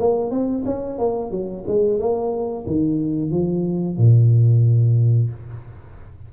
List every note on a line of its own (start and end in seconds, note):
0.00 0.31 A#3
0.31 0.64 C4
0.66 0.99 C#4
0.99 1.31 A#3
1.31 1.65 F#3
1.68 1.99 G#3
1.99 2.66 A#3
2.67 3.31 D#3
3.31 3.98 F3
3.98 5.31 A#2